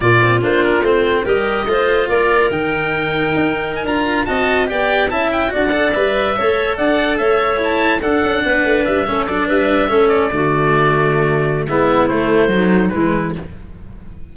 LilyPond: <<
  \new Staff \with { instrumentName = "oboe" } { \time 4/4 \tempo 4 = 144 d''4 c''8 ais'8 c''4 dis''4~ | dis''4 d''4 g''2~ | g''4 gis''16 ais''4 a''4 g''8.~ | g''16 a''8 g''8 fis''4 e''4.~ e''16~ |
e''16 fis''4 e''4 a''4 fis''8.~ | fis''4~ fis''16 e''4 d''8 e''4~ e''16~ | e''16 d''2.~ d''8. | e''4 c''2 b'4 | }
  \new Staff \with { instrumentName = "clarinet" } { \time 4/4 f'2. ais'4 | c''4 ais'2.~ | ais'2~ ais'16 dis''4 d''8.~ | d''16 e''4 d''2 cis''8.~ |
cis''16 d''4 cis''2 a'8.~ | a'16 b'4. a'4 b'4 a'16~ | a'8. fis'2.~ fis'16 | e'2 dis'4 e'4 | }
  \new Staff \with { instrumentName = "cello" } { \time 4/4 ais8 c'8 d'4 c'4 g'4 | f'2 dis'2~ | dis'4~ dis'16 f'4 fis'4 g'8.~ | g'16 e'4 fis'8 a'8 b'4 a'8.~ |
a'2~ a'16 e'4 d'8.~ | d'4.~ d'16 cis'8 d'4. cis'16~ | cis'8. a2.~ a16 | b4 a4 fis4 gis4 | }
  \new Staff \with { instrumentName = "tuba" } { \time 4/4 ais,4 ais4 a4 g4 | a4 ais4 dis2 | dis'4~ dis'16 d'4 c'4 b8.~ | b16 cis'4 d'4 g4 a8.~ |
a16 d'4 a2 d'8 cis'16~ | cis'16 b8 a8 g8 a8 fis8 g4 a16~ | a8. d2.~ d16 | gis4 a2 e4 | }
>>